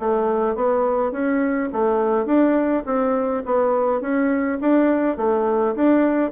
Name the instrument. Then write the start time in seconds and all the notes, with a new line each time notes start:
bassoon
0.00 A3
0.56 B3
1.12 C#4
1.73 A3
2.26 D4
2.86 C4
3.46 B3
4.01 C#4
4.62 D4
5.18 A3
5.76 D4